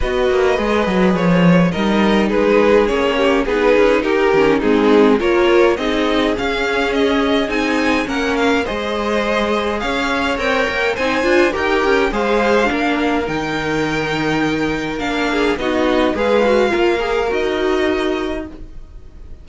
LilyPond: <<
  \new Staff \with { instrumentName = "violin" } { \time 4/4 \tempo 4 = 104 dis''2 cis''4 dis''4 | b'4 cis''4 b'4 ais'4 | gis'4 cis''4 dis''4 f''4 | dis''4 gis''4 fis''8 f''8 dis''4~ |
dis''4 f''4 g''4 gis''4 | g''4 f''2 g''4~ | g''2 f''4 dis''4 | f''2 dis''2 | }
  \new Staff \with { instrumentName = "violin" } { \time 4/4 b'2. ais'4 | gis'4. g'8 gis'4 g'4 | dis'4 ais'4 gis'2~ | gis'2 ais'4 c''4~ |
c''4 cis''2 c''4 | ais'4 c''4 ais'2~ | ais'2~ ais'8 gis'8 fis'4 | b'4 ais'2. | }
  \new Staff \with { instrumentName = "viola" } { \time 4/4 fis'4 gis'2 dis'4~ | dis'4 cis'4 dis'4. cis'8 | c'4 f'4 dis'4 cis'4~ | cis'4 dis'4 cis'4 gis'4~ |
gis'2 ais'4 dis'8 f'8 | g'4 gis'4 d'4 dis'4~ | dis'2 d'4 dis'4 | gis'8 fis'8 f'8 gis'8 fis'2 | }
  \new Staff \with { instrumentName = "cello" } { \time 4/4 b8 ais8 gis8 fis8 f4 g4 | gis4 ais4 b8 cis'8 dis'8 dis8 | gis4 ais4 c'4 cis'4~ | cis'4 c'4 ais4 gis4~ |
gis4 cis'4 c'8 ais8 c'8 d'8 | dis'8 cis'8 gis4 ais4 dis4~ | dis2 ais4 b4 | gis4 ais4 dis'2 | }
>>